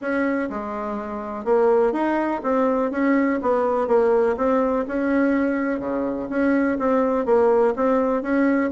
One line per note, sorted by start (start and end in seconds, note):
0.01 0.49 C#4
0.49 1.45 G#3
1.45 1.92 A#3
1.92 2.41 D#4
2.43 2.91 C4
2.91 3.39 C#4
3.42 3.87 B3
3.87 4.36 A#3
4.37 4.85 C4
4.87 5.79 C#4
5.79 6.28 C#3
6.29 6.78 C#4
6.79 7.25 C4
7.25 7.74 A#3
7.76 8.22 C4
8.22 8.70 C#4